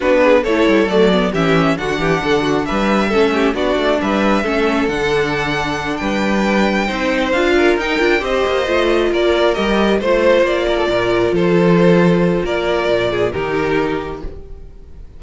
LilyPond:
<<
  \new Staff \with { instrumentName = "violin" } { \time 4/4 \tempo 4 = 135 b'4 cis''4 d''4 e''4 | fis''2 e''2 | d''4 e''2 fis''4~ | fis''4. g''2~ g''8~ |
g''8 f''4 g''4 dis''4.~ | dis''8 d''4 dis''4 c''4 d''8~ | d''4. c''2~ c''8 | d''2 ais'2 | }
  \new Staff \with { instrumentName = "violin" } { \time 4/4 fis'8 gis'8 a'2 g'4 | fis'8 g'8 a'8 fis'8 b'4 a'8 g'8 | fis'4 b'4 a'2~ | a'4. b'2 c''8~ |
c''4 ais'4. c''4.~ | c''8 ais'2 c''4. | ais'16 a'16 ais'4 a'2~ a'8 | ais'4. gis'8 g'2 | }
  \new Staff \with { instrumentName = "viola" } { \time 4/4 d'4 e'4 a8 b8 cis'4 | d'2. cis'4 | d'2 cis'4 d'4~ | d'2.~ d'8 dis'8~ |
dis'8 f'4 dis'8 f'8 g'4 f'8~ | f'4. g'4 f'4.~ | f'1~ | f'2 dis'2 | }
  \new Staff \with { instrumentName = "cello" } { \time 4/4 b4 a8 g8 fis4 e4 | d8 e8 d4 g4 a4 | b8 a8 g4 a4 d4~ | d4. g2 c'8~ |
c'8 d'4 dis'8 d'8 c'8 ais8 a8~ | a8 ais4 g4 a4 ais8~ | ais8 ais,4 f2~ f8 | ais4 ais,4 dis2 | }
>>